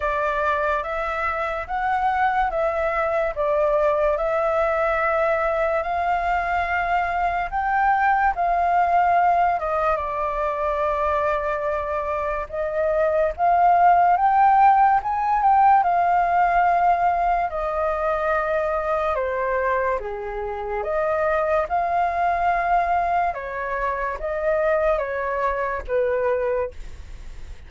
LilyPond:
\new Staff \with { instrumentName = "flute" } { \time 4/4 \tempo 4 = 72 d''4 e''4 fis''4 e''4 | d''4 e''2 f''4~ | f''4 g''4 f''4. dis''8 | d''2. dis''4 |
f''4 g''4 gis''8 g''8 f''4~ | f''4 dis''2 c''4 | gis'4 dis''4 f''2 | cis''4 dis''4 cis''4 b'4 | }